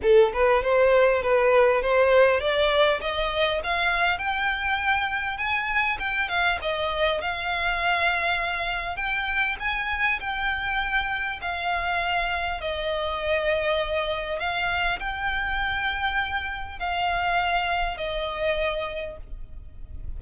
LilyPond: \new Staff \with { instrumentName = "violin" } { \time 4/4 \tempo 4 = 100 a'8 b'8 c''4 b'4 c''4 | d''4 dis''4 f''4 g''4~ | g''4 gis''4 g''8 f''8 dis''4 | f''2. g''4 |
gis''4 g''2 f''4~ | f''4 dis''2. | f''4 g''2. | f''2 dis''2 | }